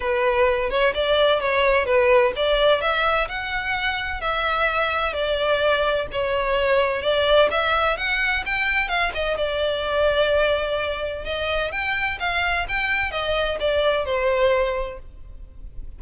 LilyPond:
\new Staff \with { instrumentName = "violin" } { \time 4/4 \tempo 4 = 128 b'4. cis''8 d''4 cis''4 | b'4 d''4 e''4 fis''4~ | fis''4 e''2 d''4~ | d''4 cis''2 d''4 |
e''4 fis''4 g''4 f''8 dis''8 | d''1 | dis''4 g''4 f''4 g''4 | dis''4 d''4 c''2 | }